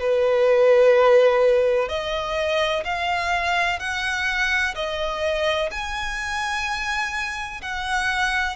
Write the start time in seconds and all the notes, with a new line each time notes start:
0.00 B4
1.89 D#5
2.84 F5
3.80 F#5
4.75 D#5
5.71 G#5
7.62 F#5